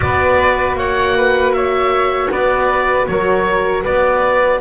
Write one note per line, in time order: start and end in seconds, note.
0.00 0.74 B3
0.00 4.60 F#4
0.00 0.77 B4
0.00 0.76 D5
0.74 2.28 A#3
0.74 1.16 C#5
0.74 1.53 F#5
1.16 1.55 B4
1.53 2.31 C#5
1.53 2.30 E5
2.30 3.07 B3
2.30 3.08 B4
2.30 3.07 D5
3.07 3.85 F#3
3.07 3.82 A#4
3.07 3.84 C#5
3.82 4.60 B3
3.82 4.59 B4
3.82 4.60 D5